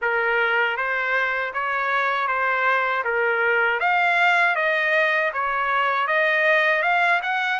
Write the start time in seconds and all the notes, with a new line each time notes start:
0.01 A#4
0.76 C5
1.53 C#5
2.27 C5
3.04 A#4
3.79 F5
4.55 D#5
5.33 C#5
6.07 D#5
6.82 F5
7.22 F#5